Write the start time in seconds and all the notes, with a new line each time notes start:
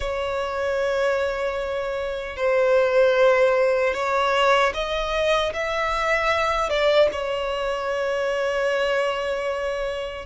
0.00 C#5
2.36 C5
3.93 C#5
4.74 D#5
5.53 E5
6.69 D5
7.12 C#5